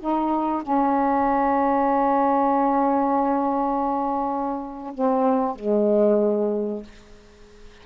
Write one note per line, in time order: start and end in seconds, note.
0.00 0.62 D#4
0.62 4.93 C#4
4.94 5.55 C4
5.55 6.83 G#3